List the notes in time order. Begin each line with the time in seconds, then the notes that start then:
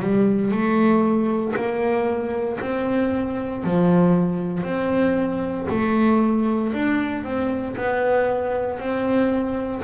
0.00 G3
0.52 A3
1.56 A#3
2.61 C4
3.65 F3
4.64 C4
5.70 A3
6.74 D4
7.25 C4
7.77 B3
8.80 C4